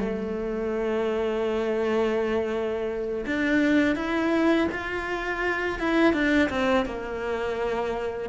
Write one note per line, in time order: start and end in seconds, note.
0.00 3.25 A3
3.26 3.96 D4
3.96 4.68 E4
4.72 5.79 F4
5.79 6.13 E4
6.13 6.50 D4
6.50 6.86 C4
6.86 8.30 A#3